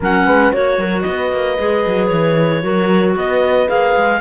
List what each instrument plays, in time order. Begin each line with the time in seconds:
0.00 cello F#3, clarinet C#4 F#5, horn A#4
0.26 cello G#3, horn B4
0.51 cello A#3, clarinet F#4 C#5, horn C#5
0.77 cello F#3, horn A#4
1.01 cello B3, clarinet D#5
1.08 horn B4
1.32 cello A#3
1.58 cello G#3, clarinet G#4
1.86 cello F#3
2.06 cello E3, clarinet C#5
2.62 cello F#3, clarinet F#4, horn A#4
3.15 cello B3, horn B4, clarinet D#5
3.66 cello A#3, clarinet G#4 F5
3.96 cello G#3